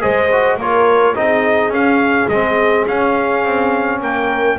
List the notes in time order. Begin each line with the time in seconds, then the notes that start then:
0.00 G#3 G#4 C5 D#5
0.32 F#4
0.57 A#3 F4 A#4 C#5
1.15 C4 D#4 G#4 D#5
1.69 C#4 F5
2.28 G#3 C4 D#5
2.87 C#4 F5
3.45 C4
4.01 A#3 A#4 G5